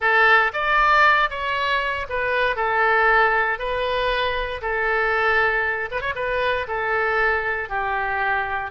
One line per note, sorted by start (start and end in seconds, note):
0.00 0.52 A4
0.53 1.30 D5
1.30 2.07 C#5
2.09 2.56 B4
2.56 3.58 A4
3.58 4.61 B4
4.61 5.89 A4
5.91 6.01 B4
6.01 6.14 C#5
6.15 6.66 B4
6.67 7.69 A4
7.69 8.71 G4